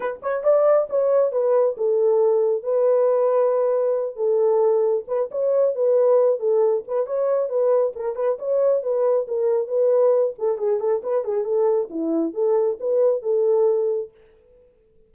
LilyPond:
\new Staff \with { instrumentName = "horn" } { \time 4/4 \tempo 4 = 136 b'8 cis''8 d''4 cis''4 b'4 | a'2 b'2~ | b'4. a'2 b'8 | cis''4 b'4. a'4 b'8 |
cis''4 b'4 ais'8 b'8 cis''4 | b'4 ais'4 b'4. a'8 | gis'8 a'8 b'8 gis'8 a'4 e'4 | a'4 b'4 a'2 | }